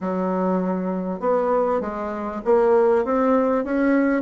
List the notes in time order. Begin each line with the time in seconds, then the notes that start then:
0.00 F#3
1.20 B3
1.80 G#3
2.45 A#3
3.04 C4
3.64 C#4